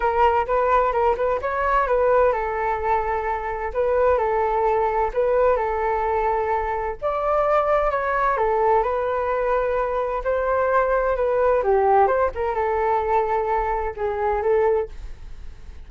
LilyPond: \new Staff \with { instrumentName = "flute" } { \time 4/4 \tempo 4 = 129 ais'4 b'4 ais'8 b'8 cis''4 | b'4 a'2. | b'4 a'2 b'4 | a'2. d''4~ |
d''4 cis''4 a'4 b'4~ | b'2 c''2 | b'4 g'4 c''8 ais'8 a'4~ | a'2 gis'4 a'4 | }